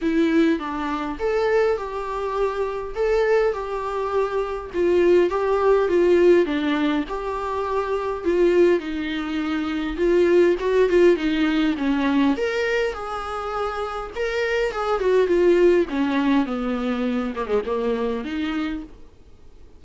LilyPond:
\new Staff \with { instrumentName = "viola" } { \time 4/4 \tempo 4 = 102 e'4 d'4 a'4 g'4~ | g'4 a'4 g'2 | f'4 g'4 f'4 d'4 | g'2 f'4 dis'4~ |
dis'4 f'4 fis'8 f'8 dis'4 | cis'4 ais'4 gis'2 | ais'4 gis'8 fis'8 f'4 cis'4 | b4. ais16 gis16 ais4 dis'4 | }